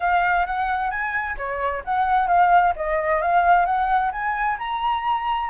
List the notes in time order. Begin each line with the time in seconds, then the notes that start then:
0.00 F5
0.46 F#5
0.90 G#5
1.37 C#5
1.84 F#5
2.27 F5
2.76 D#5
3.21 F5
3.65 F#5
4.12 G#5
4.58 A#5